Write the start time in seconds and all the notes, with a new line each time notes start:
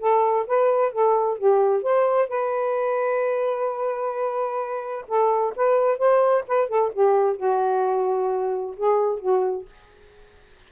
0.00 A4
0.47 B4
0.93 A4
1.38 G4
1.83 C5
2.29 B4
5.08 A4
5.56 B4
5.98 C5
6.48 B4
6.69 A4
6.93 G4
7.37 F#4
8.77 G#4
9.20 F#4